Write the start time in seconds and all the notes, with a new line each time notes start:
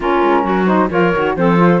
0.00 A#3 C#4 F4 A#4
0.23 G#3
0.43 F#3 F#4
0.66 D#4 C5
0.90 F3 F4 A#4 C#5
1.15 D#3 F#4
1.36 F3 C4 A4 C5
1.57 F4